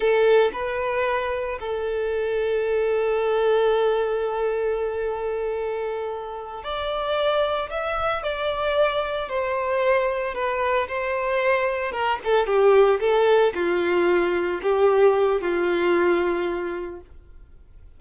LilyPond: \new Staff \with { instrumentName = "violin" } { \time 4/4 \tempo 4 = 113 a'4 b'2 a'4~ | a'1~ | a'1~ | a'8 d''2 e''4 d''8~ |
d''4. c''2 b'8~ | b'8 c''2 ais'8 a'8 g'8~ | g'8 a'4 f'2 g'8~ | g'4 f'2. | }